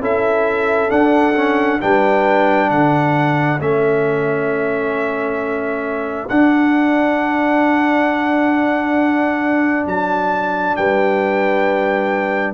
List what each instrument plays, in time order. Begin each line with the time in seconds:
0.00 tuba C#4, trombone E4, horn A4, trumpet E5
0.89 trombone D4, tuba D4, trumpet F#5
1.34 trombone C#4
1.79 tuba G3, trombone D4, horn B4, trumpet G5
2.70 tuba D3, horn A4, trumpet F#5
3.60 tuba A3, trombone C#4, trumpet E5
6.28 tuba D4, trombone D4, trumpet F#5
9.86 tuba F#3, trumpet A5
10.76 tuba G3, horn B4, trumpet G5